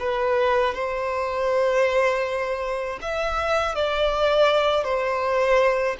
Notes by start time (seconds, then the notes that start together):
0.00 B4
0.75 C5
3.02 E5
3.75 D5
4.84 C5